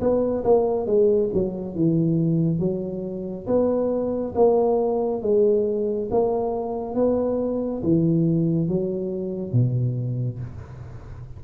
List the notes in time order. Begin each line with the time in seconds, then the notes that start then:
0.00 B3
0.44 A#3
0.86 G#3
1.33 F#3
1.75 E3
2.59 F#3
3.47 B3
4.35 A#3
5.22 G#3
6.10 A#3
6.95 B3
7.83 E3
8.68 F#3
9.52 B2